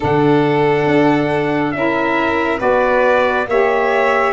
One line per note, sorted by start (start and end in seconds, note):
0.00 0.86 D3
0.00 1.74 D4
0.00 1.74 A4
0.00 1.71 F#5
0.86 1.73 D4
1.71 2.60 C#4
1.71 2.58 E4
1.71 2.59 A#4
1.71 2.58 E5
2.58 3.47 B3
2.58 3.45 F#4
2.58 3.46 B4
2.58 3.47 D5
3.47 4.32 A#3
3.47 4.32 G4
3.47 4.32 C#5
3.47 4.32 E5